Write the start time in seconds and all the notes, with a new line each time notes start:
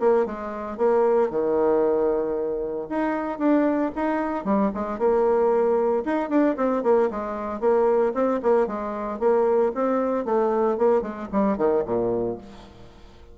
0.00 A#3
0.26 G#3
0.78 A#3
1.31 D#3
2.89 D#4
3.39 D4
3.95 D#4
4.45 G3
4.74 G#3
4.99 A#3
6.06 D#4
6.30 D4
6.57 C4
6.83 A#3
7.11 G#3
7.61 A#3
8.14 C4
8.43 A#3
8.67 G#3
9.20 A#3
9.75 C4
10.25 A3
10.78 A#3
11.02 G#3
11.33 G3
11.58 D#3
11.86 A#2